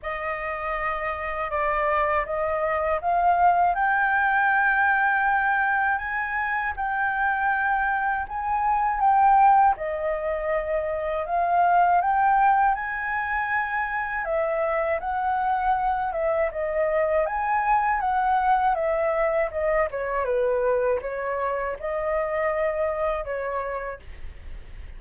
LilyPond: \new Staff \with { instrumentName = "flute" } { \time 4/4 \tempo 4 = 80 dis''2 d''4 dis''4 | f''4 g''2. | gis''4 g''2 gis''4 | g''4 dis''2 f''4 |
g''4 gis''2 e''4 | fis''4. e''8 dis''4 gis''4 | fis''4 e''4 dis''8 cis''8 b'4 | cis''4 dis''2 cis''4 | }